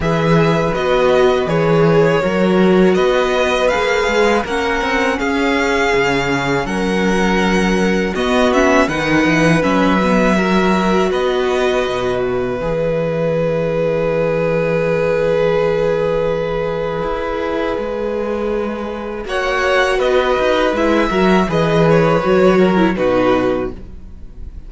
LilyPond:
<<
  \new Staff \with { instrumentName = "violin" } { \time 4/4 \tempo 4 = 81 e''4 dis''4 cis''2 | dis''4 f''4 fis''4 f''4~ | f''4 fis''2 dis''8 e''8 | fis''4 e''2 dis''4~ |
dis''8 e''2.~ e''8~ | e''1~ | e''2 fis''4 dis''4 | e''4 dis''8 cis''4. b'4 | }
  \new Staff \with { instrumentName = "violin" } { \time 4/4 b'2. ais'4 | b'2 ais'4 gis'4~ | gis'4 ais'2 fis'4 | b'2 ais'4 b'4~ |
b'1~ | b'1~ | b'2 cis''4 b'4~ | b'8 ais'8 b'4. ais'8 fis'4 | }
  \new Staff \with { instrumentName = "viola" } { \time 4/4 gis'4 fis'4 gis'4 fis'4~ | fis'4 gis'4 cis'2~ | cis'2. b8 cis'8 | dis'4 cis'8 b8 fis'2~ |
fis'4 gis'2.~ | gis'1~ | gis'2 fis'2 | e'8 fis'8 gis'4 fis'8. e'16 dis'4 | }
  \new Staff \with { instrumentName = "cello" } { \time 4/4 e4 b4 e4 fis4 | b4 ais8 gis8 ais8 c'8 cis'4 | cis4 fis2 b4 | dis8 e8 fis2 b4 |
b,4 e2.~ | e2. e'4 | gis2 ais4 b8 dis'8 | gis8 fis8 e4 fis4 b,4 | }
>>